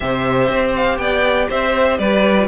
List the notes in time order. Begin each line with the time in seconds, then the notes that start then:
0.00 C3 G4 C5 E5
0.48 C4
0.75 F5
0.97 B3 D5 G5
1.49 C4 C5 E5
1.98 G3 B4 D5
2.38 F4